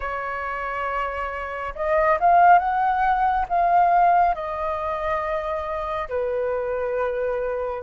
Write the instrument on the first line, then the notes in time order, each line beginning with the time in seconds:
flute
0.00 C#5
1.75 D#5
2.20 F5
2.58 F#5
3.49 F5
4.34 D#5
6.09 B4